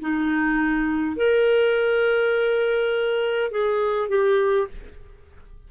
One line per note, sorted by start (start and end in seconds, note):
0.00 1.16 D#4
1.16 3.51 A#4
3.51 4.09 G#4
4.09 4.67 G4